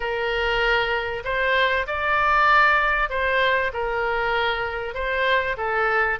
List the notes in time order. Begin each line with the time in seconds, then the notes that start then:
0.00 A#4
1.24 C5
1.86 D5
3.09 C5
3.73 A#4
4.94 C5
5.57 A4